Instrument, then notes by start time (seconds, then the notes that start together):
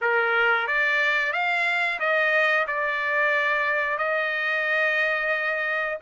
trumpet
0.01 A#4
0.67 D5
1.32 F5
1.99 D#5
2.67 D5
3.98 D#5